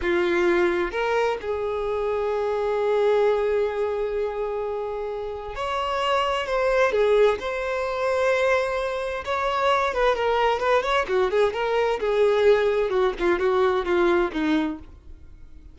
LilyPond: \new Staff \with { instrumentName = "violin" } { \time 4/4 \tempo 4 = 130 f'2 ais'4 gis'4~ | gis'1~ | gis'1 | cis''2 c''4 gis'4 |
c''1 | cis''4. b'8 ais'4 b'8 cis''8 | fis'8 gis'8 ais'4 gis'2 | fis'8 f'8 fis'4 f'4 dis'4 | }